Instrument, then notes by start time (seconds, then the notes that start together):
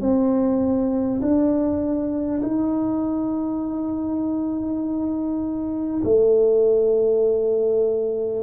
tuba
0.00 C4
1.21 D4
2.42 D#4
6.04 A3